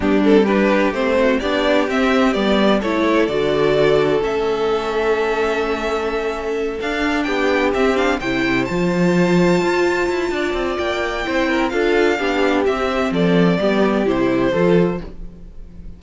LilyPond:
<<
  \new Staff \with { instrumentName = "violin" } { \time 4/4 \tempo 4 = 128 g'8 a'8 b'4 c''4 d''4 | e''4 d''4 cis''4 d''4~ | d''4 e''2.~ | e''2~ e''8 f''4 g''8~ |
g''8 e''8 f''8 g''4 a''4.~ | a''2. g''4~ | g''4 f''2 e''4 | d''2 c''2 | }
  \new Staff \with { instrumentName = "violin" } { \time 4/4 d'4 g'4. fis'8 g'4~ | g'2 a'2~ | a'1~ | a'2.~ a'8 g'8~ |
g'4. c''2~ c''8~ | c''2 d''2 | c''8 ais'8 a'4 g'2 | a'4 g'2 a'4 | }
  \new Staff \with { instrumentName = "viola" } { \time 4/4 b8 c'8 d'4 c'4 d'4 | c'4 b4 e'4 fis'4~ | fis'4 cis'2.~ | cis'2~ cis'8 d'4.~ |
d'8 c'8 d'8 e'4 f'4.~ | f'1 | e'4 f'4 d'4 c'4~ | c'4 b4 e'4 f'4 | }
  \new Staff \with { instrumentName = "cello" } { \time 4/4 g2 a4 b4 | c'4 g4 a4 d4~ | d4 a2.~ | a2~ a8 d'4 b8~ |
b8 c'4 c4 f4.~ | f8 f'4 e'8 d'8 c'8 ais4 | c'4 d'4 b4 c'4 | f4 g4 c4 f4 | }
>>